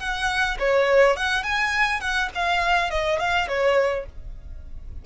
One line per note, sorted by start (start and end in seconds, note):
0.00 0.58 F#5
0.59 1.16 C#5
1.16 1.43 F#5
1.43 2.01 G#5
2.01 2.29 F#5
2.35 2.91 F5
2.91 3.19 D#5
3.19 3.48 F5
3.49 4.06 C#5